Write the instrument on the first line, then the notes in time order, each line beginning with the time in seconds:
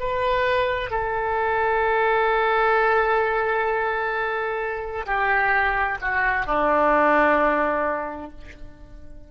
oboe
0.00 B4
0.91 A4
5.06 G4
6.02 F#4
6.47 D4